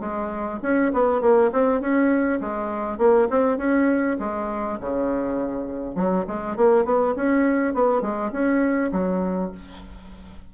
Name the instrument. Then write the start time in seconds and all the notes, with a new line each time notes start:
bassoon
0.00 G#3
0.62 C#4
0.93 B3
1.21 A#3
1.52 C4
1.81 C#4
2.40 G#3
2.98 A#3
3.30 C4
3.58 C#4
4.19 G#3
4.80 C#3
5.95 F#3
6.27 G#3
6.56 A#3
6.85 B3
7.16 C#4
7.74 B3
8.01 G#3
8.32 C#4
8.92 F#3